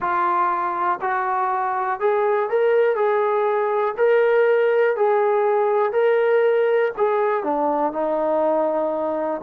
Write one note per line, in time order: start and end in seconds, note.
0.00 0.99 F4
1.01 2.00 F#4
2.00 2.49 G#4
2.49 2.95 A#4
2.95 3.94 G#4
3.97 4.96 A#4
4.96 5.92 G#4
5.92 6.91 A#4
6.97 7.43 G#4
7.43 7.92 D4
7.92 9.41 D#4